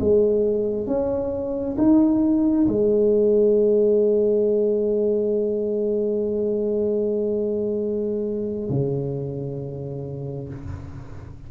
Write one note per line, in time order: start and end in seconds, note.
0.00 0.87 G#3
0.87 1.76 C#4
1.77 2.67 D#4
2.67 8.70 G#3
8.70 10.49 C#3